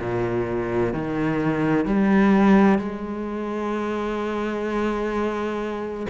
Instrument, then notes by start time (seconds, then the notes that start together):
cello
0.00 A#2
0.93 D#3
1.85 G3
2.79 G#3